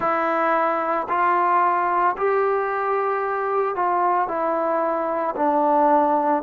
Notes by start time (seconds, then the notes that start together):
0.00 E4
1.09 F4
2.17 G4
3.75 F4
4.28 E4
5.36 D4